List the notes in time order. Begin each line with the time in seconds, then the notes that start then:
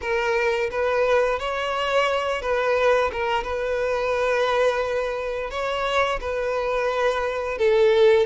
0.01 A#4
0.70 B4
1.39 C#5
2.41 B4
3.12 A#4
3.43 B4
5.50 C#5
6.20 B4
7.57 A4